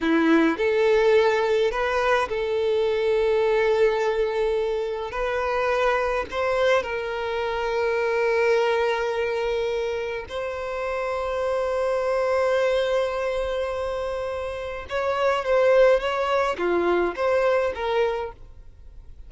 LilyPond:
\new Staff \with { instrumentName = "violin" } { \time 4/4 \tempo 4 = 105 e'4 a'2 b'4 | a'1~ | a'4 b'2 c''4 | ais'1~ |
ais'2 c''2~ | c''1~ | c''2 cis''4 c''4 | cis''4 f'4 c''4 ais'4 | }